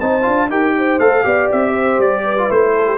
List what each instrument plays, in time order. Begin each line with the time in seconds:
0.00 tuba C4, trombone D#4, horn C5, trumpet A5
0.22 tuba D4, trombone F4
0.50 tuba D#4, trombone G4, horn A#4, trumpet G5
0.78 horn C5
0.99 tuba A3, trombone A4, trumpet F5
1.24 tuba B3, trombone G4, horn D5
1.52 tuba C4, trumpet E5
1.73 horn C5
1.99 tuba G3, trumpet D5
2.24 horn B4
2.38 trombone F4
2.49 tuba A3, trombone E4, trumpet C5
2.76 horn A4
2.87 horn G4